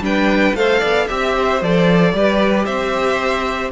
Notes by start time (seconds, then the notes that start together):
0.00 G3 D4 B4 G5
0.54 A3 A4 C5 F5
0.79 B3 D5
1.07 C4 G4 E5
1.33 C5
1.61 F3 A4 D5
2.13 G3 G4 B4
2.65 C4 C5 E5